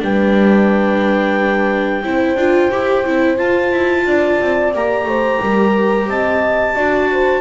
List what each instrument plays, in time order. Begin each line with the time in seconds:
0.00 double bass G3, viola D4, horn B4, clarinet G5
2.03 double bass C4, viola E4, horn C5
2.36 double bass D4, viola F4
2.72 double bass E4, viola G4
3.06 double bass C4, viola E4
3.37 viola F4, double bass F4, clarinet A5
3.72 double bass E4
4.06 double bass D4, horn D5
4.41 double bass C4
4.74 double bass A#3, viola G4, clarinet A#5
5.05 double bass A3, horn C5
5.42 double bass G3, horn A#4
6.07 double bass C4, horn D#5, clarinet A5
6.75 double bass D4, viola F#4, horn D5
7.12 horn C5